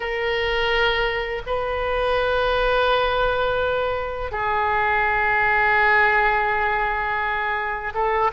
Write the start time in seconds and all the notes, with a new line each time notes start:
0.00 A#4
1.46 B4
4.31 G#4
7.94 A4